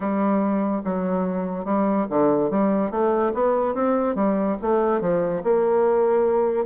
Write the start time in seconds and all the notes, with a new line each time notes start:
0.00 G3
0.84 F#3
1.64 G3
2.09 D3
2.50 G3
2.91 A3
3.34 B3
3.74 C4
4.15 G3
4.61 A3
5.00 F3
5.43 A#3